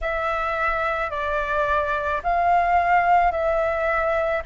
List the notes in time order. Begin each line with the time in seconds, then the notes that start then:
0.01 E5
1.10 D5
2.23 F5
3.31 E5